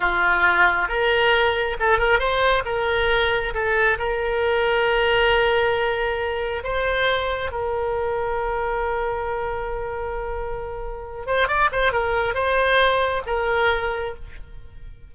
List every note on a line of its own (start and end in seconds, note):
0.00 0.88 F4
0.88 1.76 A#4
1.79 1.98 A4
1.98 2.19 A#4
2.19 2.63 C5
2.65 3.53 A#4
3.54 3.98 A4
3.98 6.63 A#4
6.63 7.51 C5
7.51 11.26 A#4
11.26 11.48 C5
11.48 11.70 D5
11.72 11.92 C5
11.92 12.34 A#4
12.34 13.22 C5
13.26 14.14 A#4